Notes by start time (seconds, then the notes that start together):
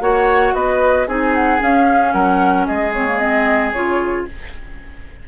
0.00 A#3 F#4 C#5 F#5
0.54 B3 B4 D#5
1.07 C4 D#4 G#4 G#5
1.35 F#5
1.59 C#4 F5
2.13 F#3 A#4 F#5
2.66 G#3 G#4 D#5
2.93 C4 C#5
3.07 A#3
3.18 C4 D#5
3.72 C#3 F4 C#5